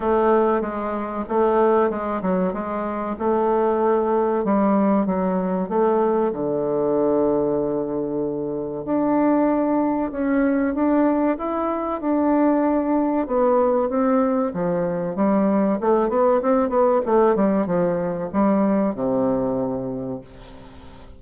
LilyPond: \new Staff \with { instrumentName = "bassoon" } { \time 4/4 \tempo 4 = 95 a4 gis4 a4 gis8 fis8 | gis4 a2 g4 | fis4 a4 d2~ | d2 d'2 |
cis'4 d'4 e'4 d'4~ | d'4 b4 c'4 f4 | g4 a8 b8 c'8 b8 a8 g8 | f4 g4 c2 | }